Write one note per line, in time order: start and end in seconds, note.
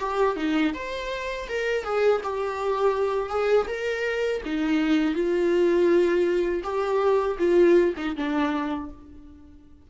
0.00 0.36 G4
0.36 0.73 D#4
0.74 1.48 C5
1.49 1.85 A#4
1.85 2.22 G#4
2.23 3.30 G4
3.30 3.67 G#4
3.67 4.41 A#4
4.45 5.14 D#4
5.14 6.62 F4
6.64 7.38 G4
7.39 7.94 F4
7.97 8.16 D#4
8.16 8.90 D4